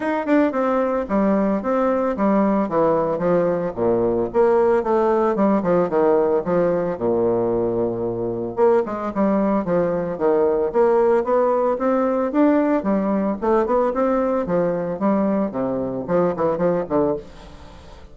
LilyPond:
\new Staff \with { instrumentName = "bassoon" } { \time 4/4 \tempo 4 = 112 dis'8 d'8 c'4 g4 c'4 | g4 e4 f4 ais,4 | ais4 a4 g8 f8 dis4 | f4 ais,2. |
ais8 gis8 g4 f4 dis4 | ais4 b4 c'4 d'4 | g4 a8 b8 c'4 f4 | g4 c4 f8 e8 f8 d8 | }